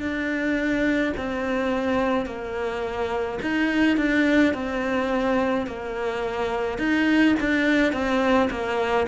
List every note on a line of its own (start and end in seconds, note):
0.00 1.13 D4
1.17 2.26 C4
2.26 3.39 A#3
3.42 3.97 D#4
3.97 4.54 D4
4.54 5.67 C4
5.67 6.78 A#3
6.78 7.35 D#4
7.40 7.92 D4
7.92 8.49 C4
8.50 9.07 A#3